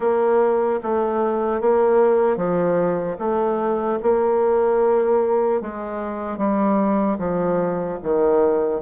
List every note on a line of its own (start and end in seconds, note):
0.00 0.80 A#3
0.82 1.60 A3
1.60 2.36 A#3
2.36 3.16 F3
3.18 3.98 A3
4.02 5.61 A#3
5.61 6.37 G#3
6.37 7.17 G3
7.18 7.98 F3
8.03 8.81 D#3